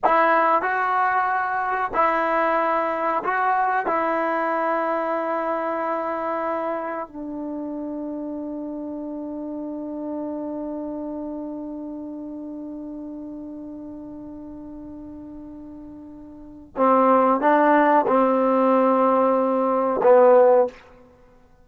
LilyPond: \new Staff \with { instrumentName = "trombone" } { \time 4/4 \tempo 4 = 93 e'4 fis'2 e'4~ | e'4 fis'4 e'2~ | e'2. d'4~ | d'1~ |
d'1~ | d'1~ | d'2 c'4 d'4 | c'2. b4 | }